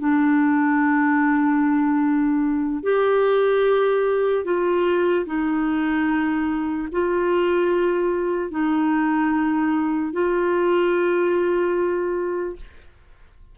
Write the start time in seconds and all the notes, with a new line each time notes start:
0.00 D4
2.83 G4
4.45 F4
5.26 D#4
6.93 F4
8.51 D#4
10.13 F4